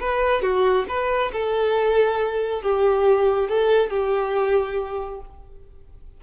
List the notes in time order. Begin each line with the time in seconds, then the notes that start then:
0.00 B4
0.42 F#4
0.88 B4
1.33 A4
2.62 G4
3.49 A4
3.90 G4